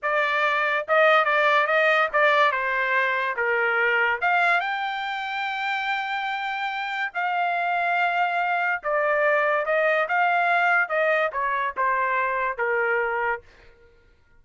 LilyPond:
\new Staff \with { instrumentName = "trumpet" } { \time 4/4 \tempo 4 = 143 d''2 dis''4 d''4 | dis''4 d''4 c''2 | ais'2 f''4 g''4~ | g''1~ |
g''4 f''2.~ | f''4 d''2 dis''4 | f''2 dis''4 cis''4 | c''2 ais'2 | }